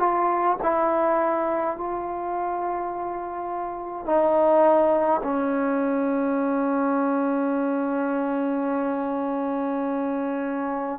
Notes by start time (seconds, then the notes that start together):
0.00 F4
0.63 E4
1.77 F4
4.06 D#4
5.24 C#4